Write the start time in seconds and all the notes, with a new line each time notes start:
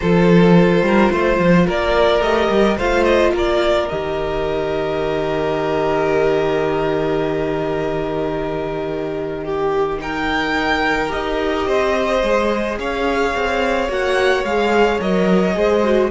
0.00 F3 F4 A4 C5
0.82 G3 A#4
1.11 A3 C5
1.38 F3
1.66 A#3 A#4 D5
2.20 A3 G4 D#5
2.49 G3
2.77 A3 F4 C5 F5
3.04 D#5
3.32 A#3 A#4 D5
3.88 D#3 G4 D#5
9.43 G4
9.99 D#4 A#4 G5
11.08 D#4 G4 D#5
11.67 C4 C5
12.22 G#3 G#4
12.77 C#4 C#5 F5
13.35 C4
13.88 A#3 F#4 F#5
14.43 G#3 G#4 F5
14.99 F#3 A#4 D#5
15.53 G#3 G#4 C5
15.84 F#4